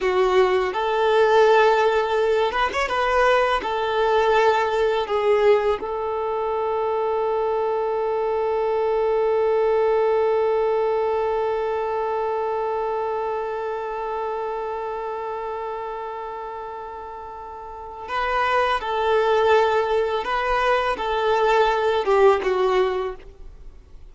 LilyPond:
\new Staff \with { instrumentName = "violin" } { \time 4/4 \tempo 4 = 83 fis'4 a'2~ a'8 b'16 cis''16 | b'4 a'2 gis'4 | a'1~ | a'1~ |
a'1~ | a'1~ | a'4 b'4 a'2 | b'4 a'4. g'8 fis'4 | }